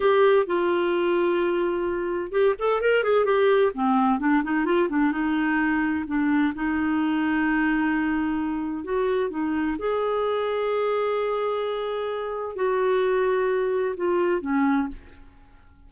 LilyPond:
\new Staff \with { instrumentName = "clarinet" } { \time 4/4 \tempo 4 = 129 g'4 f'2.~ | f'4 g'8 a'8 ais'8 gis'8 g'4 | c'4 d'8 dis'8 f'8 d'8 dis'4~ | dis'4 d'4 dis'2~ |
dis'2. fis'4 | dis'4 gis'2.~ | gis'2. fis'4~ | fis'2 f'4 cis'4 | }